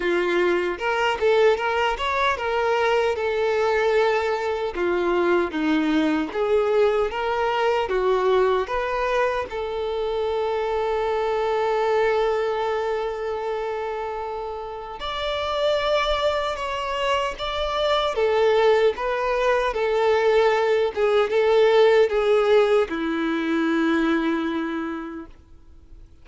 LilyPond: \new Staff \with { instrumentName = "violin" } { \time 4/4 \tempo 4 = 76 f'4 ais'8 a'8 ais'8 cis''8 ais'4 | a'2 f'4 dis'4 | gis'4 ais'4 fis'4 b'4 | a'1~ |
a'2. d''4~ | d''4 cis''4 d''4 a'4 | b'4 a'4. gis'8 a'4 | gis'4 e'2. | }